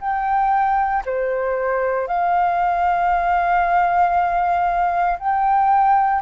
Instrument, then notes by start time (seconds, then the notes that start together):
flute
0.00 G5
1.05 C5
2.07 F5
5.19 G5